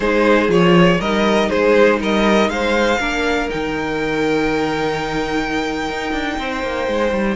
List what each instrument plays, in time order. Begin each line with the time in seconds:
0.00 cello G#3, viola D#4, violin G#4 C5
0.48 cello F3, viola F4, violin C#5
0.99 cello G3, viola D#4, violin A#4 D#5
1.49 cello G#3, violin G#4 C5
2.00 cello G3, violin A#4 D#5
2.49 cello G#3, violin C5 F5
2.99 cello A#3, viola D4, violin A#4
3.49 cello D#3, viola D#4, violin G5
5.89 cello D#4
6.12 cello D4
6.38 cello C4, violin C5
6.63 cello A#3
6.87 cello G#3
7.11 cello G3